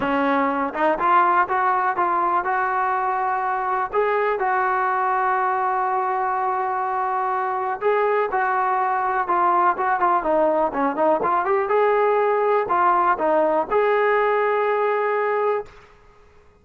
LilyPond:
\new Staff \with { instrumentName = "trombone" } { \time 4/4 \tempo 4 = 123 cis'4. dis'8 f'4 fis'4 | f'4 fis'2. | gis'4 fis'2.~ | fis'1 |
gis'4 fis'2 f'4 | fis'8 f'8 dis'4 cis'8 dis'8 f'8 g'8 | gis'2 f'4 dis'4 | gis'1 | }